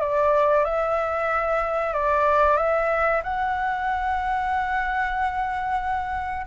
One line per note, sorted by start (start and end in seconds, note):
0.00 0.65 D5
0.65 1.94 E5
1.94 2.57 D5
2.57 3.22 E5
3.24 6.46 F#5